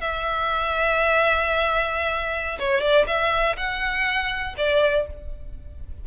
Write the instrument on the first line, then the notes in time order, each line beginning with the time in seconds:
violin
0.00 E5
2.58 C#5
2.81 D5
3.07 E5
3.56 F#5
4.57 D5